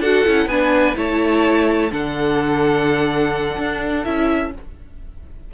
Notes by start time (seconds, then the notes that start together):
0.00 D4 F#4 A4 F#5
0.25 C#4 E4
0.47 B3 D4 B4 G#5
0.96 A3 E4 C#5 A5
1.91 D3 D4 A4 F#5
3.58 D4
4.04 C#4 E4 E5